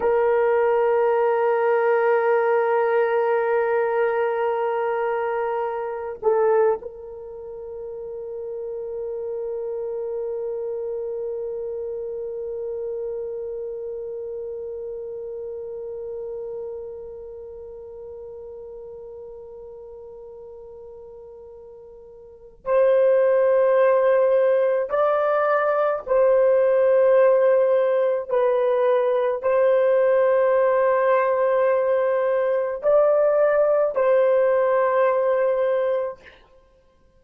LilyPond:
\new Staff \with { instrumentName = "horn" } { \time 4/4 \tempo 4 = 53 ais'1~ | ais'4. a'8 ais'2~ | ais'1~ | ais'1~ |
ais'1 | c''2 d''4 c''4~ | c''4 b'4 c''2~ | c''4 d''4 c''2 | }